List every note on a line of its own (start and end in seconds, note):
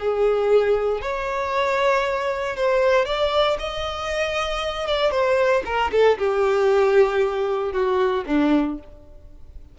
0.00 1.02 G#4
1.02 2.57 C#5
2.57 3.06 C5
3.06 3.58 D5
3.59 4.87 D#5
4.87 5.11 D5
5.11 5.63 C5
5.66 5.92 A#4
5.92 6.18 A4
6.19 7.73 G4
7.73 8.25 F#4
8.27 8.79 D4